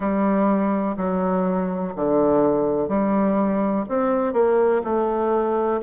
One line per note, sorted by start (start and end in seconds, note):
0.00 0.96 G3
0.96 1.93 F#3
1.95 2.88 D3
2.88 3.85 G3
3.88 4.33 C4
4.33 4.81 A#3
4.83 5.80 A3